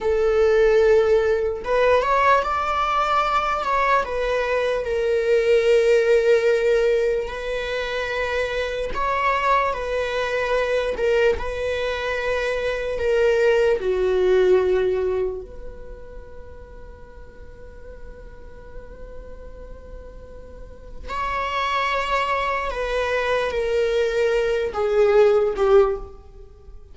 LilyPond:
\new Staff \with { instrumentName = "viola" } { \time 4/4 \tempo 4 = 74 a'2 b'8 cis''8 d''4~ | d''8 cis''8 b'4 ais'2~ | ais'4 b'2 cis''4 | b'4. ais'8 b'2 |
ais'4 fis'2 b'4~ | b'1~ | b'2 cis''2 | b'4 ais'4. gis'4 g'8 | }